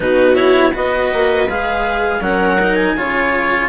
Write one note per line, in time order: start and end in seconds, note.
0.00 0.74 B2
0.00 0.34 D#4
0.00 0.71 F#4
0.00 0.35 B4
0.34 0.71 E4
0.34 0.72 C#5
0.71 1.12 B3
0.71 1.47 F#4
0.71 2.19 B4
0.71 1.49 D#5
1.13 1.47 A#3
1.47 2.20 G#3
1.47 2.20 G#4
1.47 2.23 F5
2.20 2.94 F#3
2.20 2.57 C#4
2.20 2.96 A#4
2.20 2.75 F#5
2.60 2.97 D#4
2.75 3.67 G#5
2.95 3.69 C#3
2.95 3.69 F4
2.95 3.69 C#5